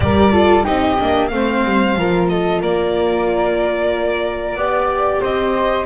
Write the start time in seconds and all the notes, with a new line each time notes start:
0.00 G3 G4 A#4 D5
0.31 F4 A4
0.63 C4 D#4 G4 D#5
0.98 A#3 D4
1.28 A3 C4 F5
1.35 C5
1.64 G3
1.96 F3 F4 A#4
2.29 A4 D#5
2.61 A#3 A#4 D5
4.55 B3 G4 D5
5.20 C4 C5 D#5